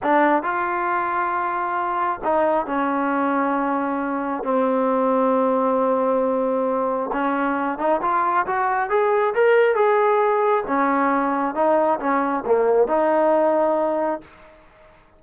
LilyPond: \new Staff \with { instrumentName = "trombone" } { \time 4/4 \tempo 4 = 135 d'4 f'2.~ | f'4 dis'4 cis'2~ | cis'2 c'2~ | c'1 |
cis'4. dis'8 f'4 fis'4 | gis'4 ais'4 gis'2 | cis'2 dis'4 cis'4 | ais4 dis'2. | }